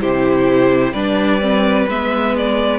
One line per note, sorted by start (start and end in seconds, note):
0.00 0.92 C3
0.00 0.94 E4
0.00 0.93 G4
0.00 0.93 C5
0.92 1.86 G3
0.92 1.40 D4
0.92 2.79 B4
0.92 1.87 D5
1.40 1.87 C4
1.88 2.79 G#3
1.88 2.79 B3
1.88 2.36 E5
2.37 2.79 D5